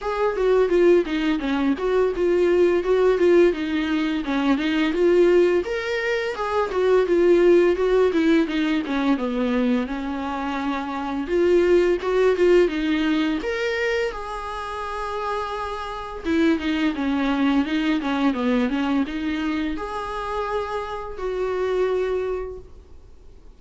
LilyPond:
\new Staff \with { instrumentName = "viola" } { \time 4/4 \tempo 4 = 85 gis'8 fis'8 f'8 dis'8 cis'8 fis'8 f'4 | fis'8 f'8 dis'4 cis'8 dis'8 f'4 | ais'4 gis'8 fis'8 f'4 fis'8 e'8 | dis'8 cis'8 b4 cis'2 |
f'4 fis'8 f'8 dis'4 ais'4 | gis'2. e'8 dis'8 | cis'4 dis'8 cis'8 b8 cis'8 dis'4 | gis'2 fis'2 | }